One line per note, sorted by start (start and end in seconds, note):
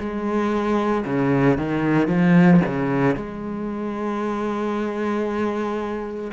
0.00 1.05 G#3
1.06 1.58 C#3
1.58 2.08 D#3
2.08 2.61 F3
2.67 3.16 C#3
3.16 6.32 G#3